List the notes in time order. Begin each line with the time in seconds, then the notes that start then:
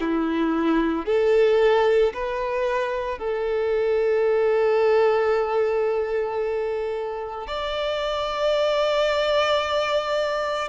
0.00 E4
1.05 A4
2.13 B4
3.18 A4
7.47 D5